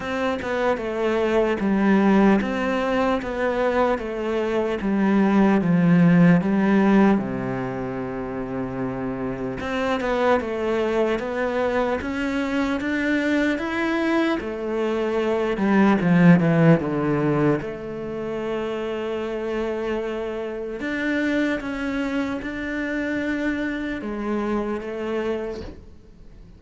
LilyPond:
\new Staff \with { instrumentName = "cello" } { \time 4/4 \tempo 4 = 75 c'8 b8 a4 g4 c'4 | b4 a4 g4 f4 | g4 c2. | c'8 b8 a4 b4 cis'4 |
d'4 e'4 a4. g8 | f8 e8 d4 a2~ | a2 d'4 cis'4 | d'2 gis4 a4 | }